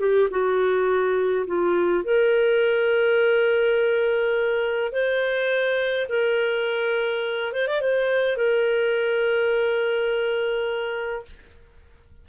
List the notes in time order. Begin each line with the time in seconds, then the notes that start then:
0.00 G4
0.31 F#4
1.47 F4
2.04 A#4
4.92 C5
6.09 A#4
7.53 C5
7.68 D5
7.81 C5
8.37 A#4